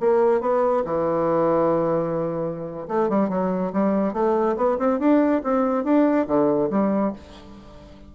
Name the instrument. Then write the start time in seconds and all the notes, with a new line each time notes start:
bassoon
0.00 A#3
0.41 B3
0.85 E3
2.88 A3
3.09 G3
3.29 F#3
3.73 G3
4.13 A3
4.56 B3
4.78 C4
4.99 D4
5.43 C4
5.84 D4
6.27 D3
6.70 G3